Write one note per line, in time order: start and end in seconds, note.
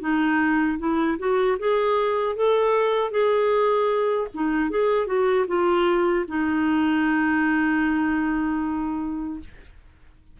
0.00 0.78 D#4
0.78 1.17 E4
1.18 1.57 F#4
1.59 2.35 G#4
2.35 3.11 A4
3.11 4.28 G#4
4.34 4.70 D#4
4.70 5.06 G#4
5.06 5.45 F#4
5.47 6.25 F4
6.28 9.39 D#4